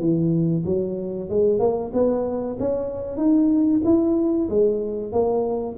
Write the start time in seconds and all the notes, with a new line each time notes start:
0.00 E3
0.66 F#3
1.30 G#3
1.60 A#3
1.94 B3
2.60 C#4
3.17 D#4
3.85 E4
4.50 G#3
5.12 A#3